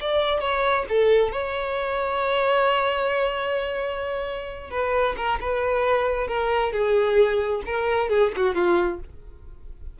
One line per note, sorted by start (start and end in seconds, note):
0.00 0.40 D5
0.40 0.85 C#5
0.89 1.32 A4
1.32 4.70 C#5
4.70 5.16 B4
5.17 5.39 A#4
5.40 6.27 B4
6.27 6.72 A#4
6.72 7.62 G#4
7.66 8.09 A#4
8.09 8.32 G#4
8.36 8.54 F#4
8.54 9.00 F4